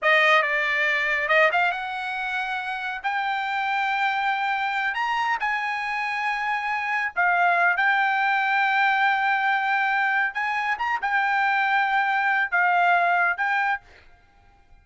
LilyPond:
\new Staff \with { instrumentName = "trumpet" } { \time 4/4 \tempo 4 = 139 dis''4 d''2 dis''8 f''8 | fis''2. g''4~ | g''2.~ g''8 ais''8~ | ais''8 gis''2.~ gis''8~ |
gis''8 f''4. g''2~ | g''1 | gis''4 ais''8 g''2~ g''8~ | g''4 f''2 g''4 | }